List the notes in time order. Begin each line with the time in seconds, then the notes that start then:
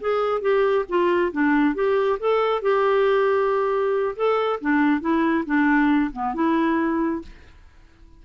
0.00 G#4
0.41 G4
0.89 F4
1.32 D4
1.75 G4
2.20 A4
2.62 G4
4.16 A4
4.61 D4
5.00 E4
5.45 D4
6.12 B3
6.34 E4